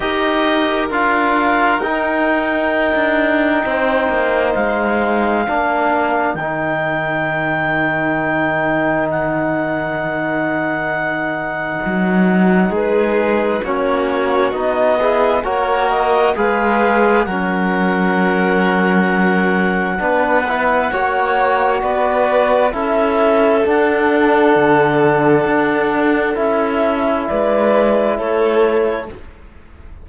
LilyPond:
<<
  \new Staff \with { instrumentName = "clarinet" } { \time 4/4 \tempo 4 = 66 dis''4 f''4 g''2~ | g''4 f''2 g''4~ | g''2 fis''2~ | fis''2 b'4 cis''4 |
dis''4 cis''8 dis''8 f''4 fis''4~ | fis''1 | d''4 e''4 fis''2~ | fis''4 e''4 d''4 cis''4 | }
  \new Staff \with { instrumentName = "violin" } { \time 4/4 ais'1 | c''2 ais'2~ | ais'1~ | ais'2 gis'4 fis'4~ |
fis'8 gis'8 ais'4 b'4 ais'4~ | ais'2 b'4 cis''4 | b'4 a'2.~ | a'2 b'4 a'4 | }
  \new Staff \with { instrumentName = "trombone" } { \time 4/4 g'4 f'4 dis'2~ | dis'2 d'4 dis'4~ | dis'1~ | dis'2. cis'4 |
dis'8 e'8 fis'4 gis'4 cis'4~ | cis'2 d'8 e'8 fis'4~ | fis'4 e'4 d'2~ | d'4 e'2. | }
  \new Staff \with { instrumentName = "cello" } { \time 4/4 dis'4 d'4 dis'4~ dis'16 d'8. | c'8 ais8 gis4 ais4 dis4~ | dis1~ | dis4 fis4 gis4 ais4 |
b4 ais4 gis4 fis4~ | fis2 b4 ais4 | b4 cis'4 d'4 d4 | d'4 cis'4 gis4 a4 | }
>>